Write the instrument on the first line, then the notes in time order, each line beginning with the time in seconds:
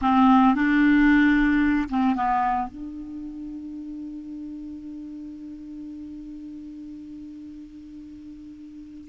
clarinet
0.01 C4
0.54 D4
1.89 C4
2.15 B3
2.68 D4